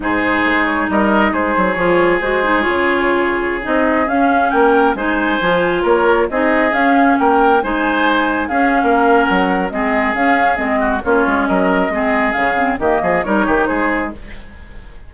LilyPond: <<
  \new Staff \with { instrumentName = "flute" } { \time 4/4 \tempo 4 = 136 c''4. cis''8 dis''4 c''4 | cis''4 c''4 cis''2~ | cis''16 dis''4 f''4 g''4 gis''8.~ | gis''4~ gis''16 cis''4 dis''4 f''8.~ |
f''16 g''4 gis''2 f''8.~ | f''4 fis''4 dis''4 f''4 | dis''4 cis''4 dis''2 | f''4 dis''4 cis''4 c''4 | }
  \new Staff \with { instrumentName = "oboe" } { \time 4/4 gis'2 ais'4 gis'4~ | gis'1~ | gis'2~ gis'16 ais'4 c''8.~ | c''4~ c''16 ais'4 gis'4.~ gis'16~ |
gis'16 ais'4 c''2 gis'8. | ais'2 gis'2~ | gis'8 fis'8 f'4 ais'4 gis'4~ | gis'4 g'8 gis'8 ais'8 g'8 gis'4 | }
  \new Staff \with { instrumentName = "clarinet" } { \time 4/4 dis'1 | f'4 fis'8 dis'8 f'2~ | f'16 dis'4 cis'2 dis'8.~ | dis'16 f'2 dis'4 cis'8.~ |
cis'4~ cis'16 dis'2 cis'8.~ | cis'2 c'4 cis'4 | c'4 cis'2 c'4 | cis'8 c'8 ais4 dis'2 | }
  \new Staff \with { instrumentName = "bassoon" } { \time 4/4 gis,4 gis4 g4 gis8 fis8 | f4 gis4 cis2~ | cis16 c'4 cis'4 ais4 gis8.~ | gis16 f4 ais4 c'4 cis'8.~ |
cis'16 ais4 gis2 cis'8. | ais4 fis4 gis4 cis'4 | gis4 ais8 gis8 fis4 gis4 | cis4 dis8 f8 g8 dis8 gis4 | }
>>